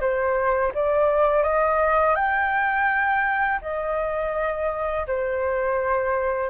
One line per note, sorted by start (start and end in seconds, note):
0.00 0.72 C5
0.74 1.43 D5
1.43 2.15 D#5
2.15 3.59 G5
3.61 5.06 D#5
5.07 6.50 C5